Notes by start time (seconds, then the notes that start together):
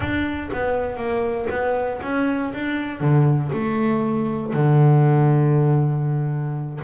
0.00 D4
0.52 B3
0.96 A#3
1.50 B3
2.02 C#4
2.53 D4
3.00 D3
3.52 A3
4.53 D3